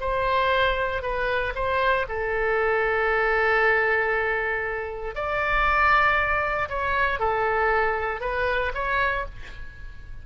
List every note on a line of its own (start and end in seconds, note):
0.00 1.02 C5
1.02 1.53 B4
1.55 2.06 C5
2.08 5.15 A4
5.15 6.69 D5
6.69 7.19 C#5
7.19 8.21 A4
8.21 8.72 B4
8.74 9.25 C#5